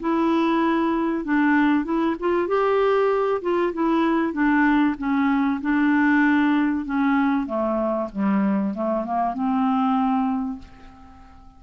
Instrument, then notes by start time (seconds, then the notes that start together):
clarinet
0.00 E4
1.24 D4
1.85 E4
2.20 F4
2.48 G4
3.42 F4
3.73 E4
4.33 D4
4.98 C#4
5.61 D4
6.86 C#4
7.46 A3
8.12 G3
8.74 A3
9.05 A#3
9.34 C4